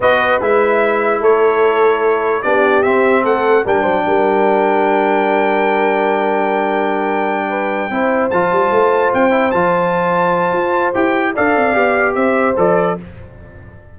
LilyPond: <<
  \new Staff \with { instrumentName = "trumpet" } { \time 4/4 \tempo 4 = 148 dis''4 e''2 cis''4~ | cis''2 d''4 e''4 | fis''4 g''2.~ | g''1~ |
g''1~ | g''8 a''2 g''4 a''8~ | a''2. g''4 | f''2 e''4 d''4 | }
  \new Staff \with { instrumentName = "horn" } { \time 4/4 b'2. a'4~ | a'2 g'2 | a'4 ais'8 c''8 ais'2~ | ais'1~ |
ais'2~ ais'8 b'4 c''8~ | c''1~ | c''1 | d''2 c''2 | }
  \new Staff \with { instrumentName = "trombone" } { \time 4/4 fis'4 e'2.~ | e'2 d'4 c'4~ | c'4 d'2.~ | d'1~ |
d'2.~ d'8 e'8~ | e'8 f'2~ f'8 e'8 f'8~ | f'2. g'4 | a'4 g'2 a'4 | }
  \new Staff \with { instrumentName = "tuba" } { \time 4/4 b4 gis2 a4~ | a2 b4 c'4 | a4 g8 fis8 g2~ | g1~ |
g2.~ g8 c'8~ | c'8 f8 g8 a4 c'4 f8~ | f2 f'4 e'4 | d'8 c'8 b4 c'4 f4 | }
>>